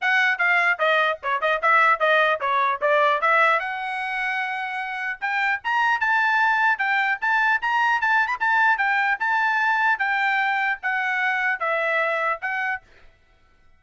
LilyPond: \new Staff \with { instrumentName = "trumpet" } { \time 4/4 \tempo 4 = 150 fis''4 f''4 dis''4 cis''8 dis''8 | e''4 dis''4 cis''4 d''4 | e''4 fis''2.~ | fis''4 g''4 ais''4 a''4~ |
a''4 g''4 a''4 ais''4 | a''8. b''16 a''4 g''4 a''4~ | a''4 g''2 fis''4~ | fis''4 e''2 fis''4 | }